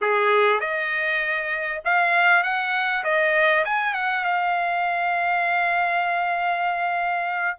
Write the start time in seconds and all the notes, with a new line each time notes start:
0.01 G#4
0.60 D#5
1.84 F5
2.43 F#5
3.04 D#5
3.64 G#5
3.94 F#5
4.24 F5